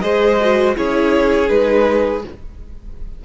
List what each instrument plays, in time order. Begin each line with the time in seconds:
0.00 cello G#3, viola G#4, violin C5 D#5
0.40 viola F#4
0.75 cello C#4, viola E4, violin G#4 C#5
1.48 cello G#3, viola D#4, violin B4